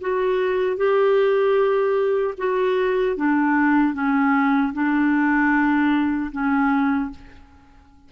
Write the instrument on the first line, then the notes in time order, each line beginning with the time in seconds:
clarinet
0.00 F#4
0.76 G4
2.38 F#4
3.16 D4
3.94 C#4
4.73 D4
6.32 C#4